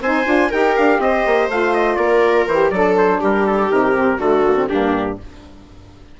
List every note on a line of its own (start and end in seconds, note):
0.00 0.25 C4
0.00 0.25 D#4
0.00 0.49 C5
0.00 0.51 G#5
0.25 0.50 D4
0.25 0.49 F4
0.49 0.77 D#4
0.49 1.49 G4
0.49 0.98 A#4
0.49 0.75 G5
0.76 0.99 D4
0.76 1.00 F5
0.99 1.23 C4
0.99 1.98 C5
0.99 1.49 D#5
1.26 1.48 A#3
1.48 1.97 A3
1.48 2.48 F4
1.48 1.73 F5
1.73 1.95 D#5
1.95 2.46 A#3
1.95 2.72 A#4
1.95 2.45 D5
2.47 2.70 E3
2.47 2.73 G4
2.47 2.70 C5
2.70 3.19 F#3
2.70 3.69 D4
2.70 3.19 A4
2.70 2.94 D5
2.97 3.22 C5
3.19 3.70 G3
3.19 4.18 G4
3.19 3.46 A#4
3.46 3.71 A4
3.69 4.18 C3
3.69 3.93 D#4
3.69 4.20 A#4
3.94 4.19 C4
4.18 4.67 D3
4.18 4.44 A3
4.18 4.67 F#4
4.18 4.68 A4
4.45 4.56 A#3
4.56 4.69 C4
4.68 5.19 G2
4.68 5.19 A#3
4.68 5.18 D4
4.68 5.18 G4